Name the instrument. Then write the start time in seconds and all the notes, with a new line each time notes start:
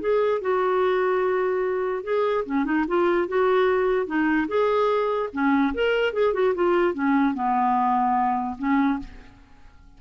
clarinet
0.00 G#4
0.41 F#4
2.03 G#4
2.45 C#4
2.64 D#4
2.87 F4
3.27 F#4
4.06 D#4
4.47 G#4
5.32 C#4
5.74 A#4
6.13 G#4
6.33 F#4
6.55 F4
6.94 C#4
7.34 B3
8.58 C#4